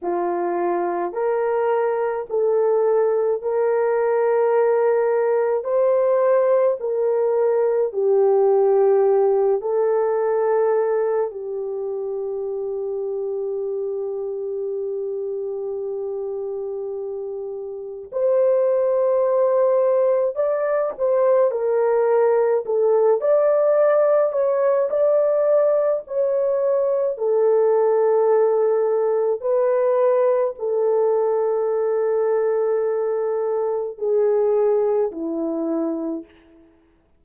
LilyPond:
\new Staff \with { instrumentName = "horn" } { \time 4/4 \tempo 4 = 53 f'4 ais'4 a'4 ais'4~ | ais'4 c''4 ais'4 g'4~ | g'8 a'4. g'2~ | g'1 |
c''2 d''8 c''8 ais'4 | a'8 d''4 cis''8 d''4 cis''4 | a'2 b'4 a'4~ | a'2 gis'4 e'4 | }